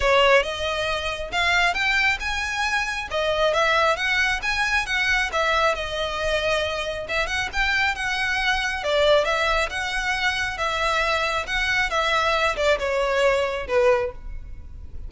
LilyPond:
\new Staff \with { instrumentName = "violin" } { \time 4/4 \tempo 4 = 136 cis''4 dis''2 f''4 | g''4 gis''2 dis''4 | e''4 fis''4 gis''4 fis''4 | e''4 dis''2. |
e''8 fis''8 g''4 fis''2 | d''4 e''4 fis''2 | e''2 fis''4 e''4~ | e''8 d''8 cis''2 b'4 | }